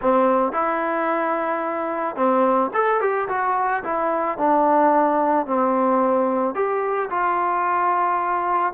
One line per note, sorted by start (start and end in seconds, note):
0.01 0.52 C4
0.52 2.15 E4
2.16 2.70 C4
2.73 3.00 A4
3.00 3.28 G4
3.28 3.83 F#4
3.83 4.38 E4
4.38 5.46 D4
5.46 6.54 C4
6.54 7.09 G4
7.10 8.73 F4